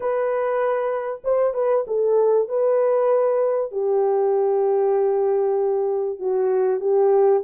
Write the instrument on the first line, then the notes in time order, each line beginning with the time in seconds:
horn
0.00 B4
1.24 C5
1.54 B4
1.87 A4
2.48 B4
3.71 G4
6.19 F#4
6.80 G4